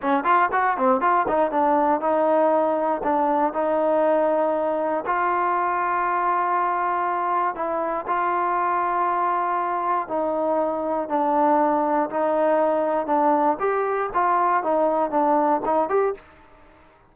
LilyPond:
\new Staff \with { instrumentName = "trombone" } { \time 4/4 \tempo 4 = 119 cis'8 f'8 fis'8 c'8 f'8 dis'8 d'4 | dis'2 d'4 dis'4~ | dis'2 f'2~ | f'2. e'4 |
f'1 | dis'2 d'2 | dis'2 d'4 g'4 | f'4 dis'4 d'4 dis'8 g'8 | }